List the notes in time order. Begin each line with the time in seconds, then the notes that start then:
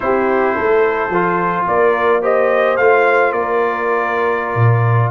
0.00 C4 E4 G4 C5
0.55 A3 A4
1.09 F3 F4
1.67 A#3 A#4 D5
2.21 G4 C5 D#5
2.77 A3 F4 F5
3.31 A#3 A#4 D5
4.55 A#2